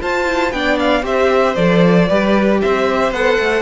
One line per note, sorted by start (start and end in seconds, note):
0.00 0.26 F4
0.00 0.51 F4
0.00 0.54 C5
0.00 0.52 A5
0.26 0.52 E4
0.51 1.03 B3
0.51 1.02 D4
0.51 1.04 D5
0.51 0.78 G5
0.79 1.05 F5
1.02 1.55 C4
1.02 1.55 G4
1.02 2.09 C5
1.02 1.55 E5
1.55 2.09 F3
1.55 2.09 A4
1.55 2.60 D5
2.09 2.62 G3
2.09 3.14 G4
2.09 2.61 B4
2.62 3.12 C4
2.62 3.62 C5
2.62 3.13 E5
3.12 3.38 B3
3.12 3.62 A4
3.12 3.62 F#5
3.39 3.62 A3